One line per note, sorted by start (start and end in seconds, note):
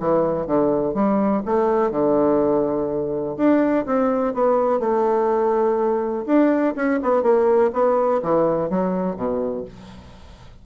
0.00 0.47 E3
0.47 0.95 D3
0.95 1.43 G3
1.45 1.91 A3
1.91 3.37 D3
3.37 3.86 D4
3.86 4.34 C4
4.34 4.80 B3
4.80 6.25 A3
6.26 6.75 D4
6.76 7.00 C#4
7.03 7.23 B3
7.23 7.71 A#3
7.73 8.22 B3
8.23 8.70 E3
8.70 9.16 F#3
9.16 9.65 B2